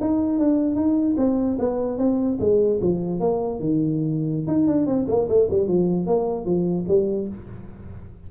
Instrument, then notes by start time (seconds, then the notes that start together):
tuba
0.00 D#4
0.39 D4
0.75 D#4
1.17 C4
1.59 B3
1.97 C4
2.40 G#3
2.81 F3
3.20 A#3
3.59 D#3
4.47 D#4
4.67 D4
4.86 C4
5.07 A#3
5.28 A3
5.50 G3
5.67 F3
6.06 A#3
6.45 F3
6.88 G3